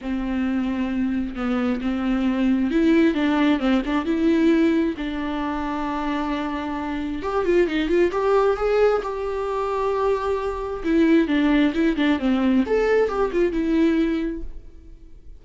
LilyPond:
\new Staff \with { instrumentName = "viola" } { \time 4/4 \tempo 4 = 133 c'2. b4 | c'2 e'4 d'4 | c'8 d'8 e'2 d'4~ | d'1 |
g'8 f'8 dis'8 f'8 g'4 gis'4 | g'1 | e'4 d'4 e'8 d'8 c'4 | a'4 g'8 f'8 e'2 | }